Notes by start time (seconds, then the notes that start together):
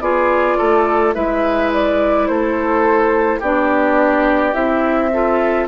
0.00 B3 F4 G#4 D5
0.57 A3 A4
1.13 G#3 E4 B4 E5
1.73 D5
2.26 A3 A4 C5
3.39 B3 D4 G4 D5
4.53 C4 E4 E5
5.13 F4 A4